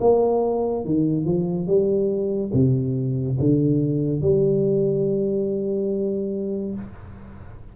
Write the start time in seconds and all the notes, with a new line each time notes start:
0.00 A#3
0.85 D#3
1.25 F3
1.67 G3
2.54 C3
3.40 D3
4.21 G3